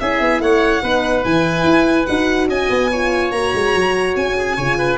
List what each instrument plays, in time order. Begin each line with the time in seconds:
0.00 tuba C#4, horn E4, oboe G#4, violin E5
0.20 tuba B3
0.40 tuba A3, oboe C#5, violin F#5
0.83 tuba B3, horn D#4, oboe B4
1.23 tuba E3, horn E4, violin G#5
1.64 tuba E4
2.06 tuba D#4, horn F#4, violin F#5
2.48 tuba C#4, oboe D#5, violin G#5
2.70 tuba B3
2.91 horn F4, oboe C#5
3.31 tuba A#3, horn F#4, violin A#5
3.54 tuba G#3
3.75 tuba F#3
4.16 tuba C#4, violin G#5
4.37 oboe G#4
4.57 tuba C#3, horn F4, oboe C#5
4.78 oboe B4